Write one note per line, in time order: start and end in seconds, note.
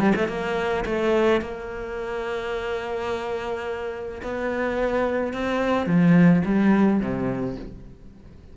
0.00 0.14 G3
0.16 0.28 A3
0.28 0.84 A#3
0.85 1.41 A3
1.41 4.22 A#3
4.23 5.33 B3
5.33 5.86 C4
5.86 6.43 F3
6.45 7.00 G3
7.00 7.56 C3